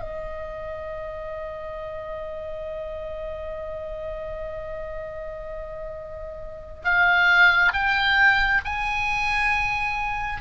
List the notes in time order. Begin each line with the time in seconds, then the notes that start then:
0.00 D#5
6.84 F5
7.73 G5
8.65 G#5